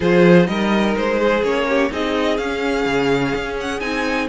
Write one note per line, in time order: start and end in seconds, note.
0.00 0.48 F3
0.00 0.47 F4
0.00 0.47 G#4
0.00 0.47 C5
0.47 0.95 G3
0.47 1.42 D#4
0.47 1.19 A#4
0.47 0.94 D#5
0.96 1.42 G#3
0.96 1.43 C5
1.19 1.66 G#4
1.42 1.90 A#3
1.42 1.90 C#4
1.42 1.91 C#5
1.68 1.91 G4
1.90 2.38 C4
1.90 2.38 D#4
1.90 4.29 G#4
1.90 2.37 D#5
2.37 2.85 C#4
2.37 3.80 C#4
2.37 3.56 F5
2.85 3.33 C#3
3.34 3.80 C#4
3.60 3.80 F#5
3.80 4.28 C4
3.80 4.28 D#4
3.80 4.27 G#5